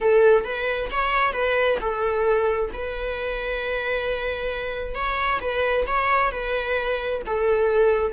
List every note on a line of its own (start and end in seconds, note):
0.00 0.44 A4
0.44 0.89 B4
0.91 1.32 C#5
1.32 1.78 B4
1.80 2.70 A4
2.73 4.94 B4
4.94 5.40 C#5
5.41 5.86 B4
5.86 6.31 C#5
6.31 7.21 B4
7.26 8.13 A4